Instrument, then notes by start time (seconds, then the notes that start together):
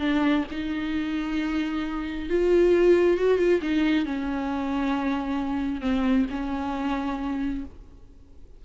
viola
0.00 D4
0.51 D#4
2.30 F4
3.18 F#4
3.38 F4
3.62 D#4
4.06 C#4
5.81 C4
6.31 C#4